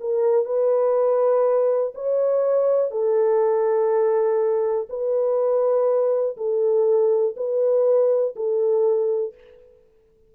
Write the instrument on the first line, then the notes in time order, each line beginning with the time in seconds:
horn
0.00 A#4
0.45 B4
1.95 C#5
2.91 A4
4.89 B4
6.37 A4
7.36 B4
8.36 A4